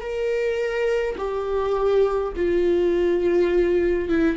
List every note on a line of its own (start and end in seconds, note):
0.00 1.15 A#4
1.17 2.33 G4
2.35 4.09 F4
4.09 4.36 E4